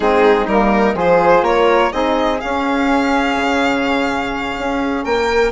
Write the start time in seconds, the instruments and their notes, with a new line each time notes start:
0.00 bassoon G#3, saxophone C4, flute D#4, violin G#4
0.46 bassoon G3, saxophone A#3, violin A#4
0.94 bassoon F3, saxophone F4, flute G#4, violin C5
1.42 bassoon A#3, flute A#4, violin C#5
1.91 bassoon C4, saxophone D#4, flute G#4, violin D#5
2.39 saxophone C#4, bassoon C#4, violin F5
3.35 bassoon C#3
4.58 bassoon C#4
5.03 bassoon A#3, flute A#4, violin G5